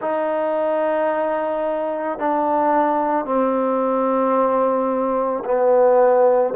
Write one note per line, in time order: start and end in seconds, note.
0.00 2.18 D#4
2.18 3.25 D4
3.25 5.43 C4
5.44 6.54 B3